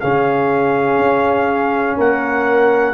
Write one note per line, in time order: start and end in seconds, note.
0.00 0.98 C#3
0.00 2.93 C#4
0.00 1.97 G#4
0.00 1.97 F5
0.98 1.97 C#4
1.97 2.93 A#3
1.97 2.93 A#4
1.97 2.93 F#5